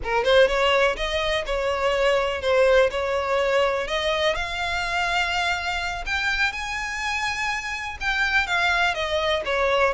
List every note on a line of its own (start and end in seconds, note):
0.03 0.24 A#4
0.24 0.47 C5
0.47 0.96 C#5
0.96 1.44 D#5
1.46 2.41 C#5
2.41 2.89 C5
2.91 3.87 C#5
3.87 4.35 D#5
4.35 6.04 F5
6.05 6.52 G5
6.52 7.97 G#5
8.00 8.47 G5
8.47 8.94 F5
8.94 9.42 D#5
9.45 9.93 C#5